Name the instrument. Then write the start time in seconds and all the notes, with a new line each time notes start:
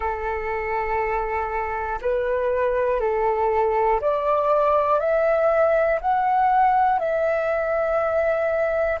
flute
0.00 A4
2.01 B4
3.00 A4
4.00 D5
4.99 E5
6.00 F#5
6.99 E5